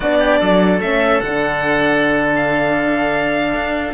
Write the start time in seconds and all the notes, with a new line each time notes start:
0.00 B3 D4 F#4 D5
0.18 G4
0.39 F#3 A4
0.80 A3 C#4 E5
1.20 D3 D4 F#5
2.35 F5
3.54 D4